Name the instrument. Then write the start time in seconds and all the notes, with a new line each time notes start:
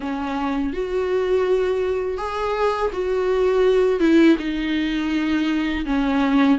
viola
0.00 C#4
0.73 F#4
2.17 G#4
2.92 F#4
3.99 E4
4.38 D#4
5.85 C#4